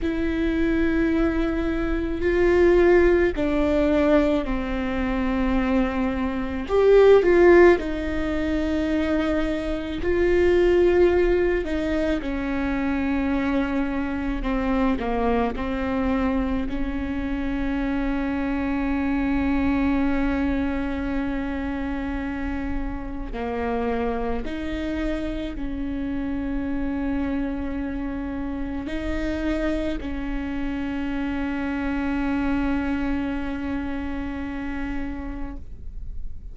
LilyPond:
\new Staff \with { instrumentName = "viola" } { \time 4/4 \tempo 4 = 54 e'2 f'4 d'4 | c'2 g'8 f'8 dis'4~ | dis'4 f'4. dis'8 cis'4~ | cis'4 c'8 ais8 c'4 cis'4~ |
cis'1~ | cis'4 ais4 dis'4 cis'4~ | cis'2 dis'4 cis'4~ | cis'1 | }